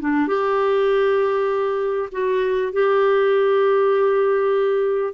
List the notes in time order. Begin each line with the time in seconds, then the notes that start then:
0.00 D4
0.27 G4
2.12 F#4
2.73 G4